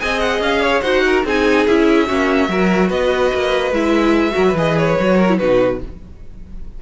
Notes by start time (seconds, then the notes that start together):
0.00 C4 G#4 D#5 G#5
0.19 F#5
0.40 C#4 F5
0.62 C#5
0.81 D#4 F#4 C5 F#5
1.06 A#4
1.25 C4 D#4 G#4 G#5
1.67 C#4 E4 E5
2.07 A#3 C#4 F#4
2.49 F#3 F#4 A#4
2.88 B3 B4 D#5
3.34 A#3
3.71 G#3 E4 E5
4.31 F#3 F#4 A#4
4.47 B4
4.54 E3 G#4 D#5
4.77 C#5
4.99 F#3 F#4
5.16 A#4
5.29 E4
5.38 B2 D#4 F#4 B4